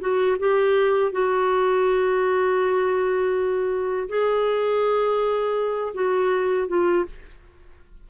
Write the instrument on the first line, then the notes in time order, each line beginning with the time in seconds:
clarinet
0.00 F#4
0.39 G4
1.12 F#4
4.08 G#4
5.94 F#4
6.68 F4